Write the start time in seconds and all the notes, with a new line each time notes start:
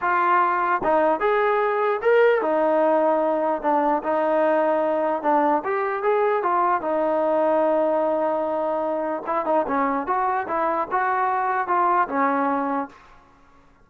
0.01 F4
0.83 D#4
1.20 G#4
2.02 A#4
2.41 D#4
3.62 D4
4.03 D#4
5.22 D4
5.64 G4
6.02 G#4
6.42 F4
6.81 D#4
9.26 E4
9.45 D#4
9.67 C#4
10.06 F#4
10.47 E4
10.91 F#4
11.67 F4
12.08 C#4